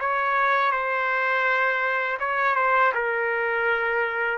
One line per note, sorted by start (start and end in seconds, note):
0.00 0.71 C#5
0.71 2.18 C5
2.20 2.55 C#5
2.55 2.92 C5
2.94 4.38 A#4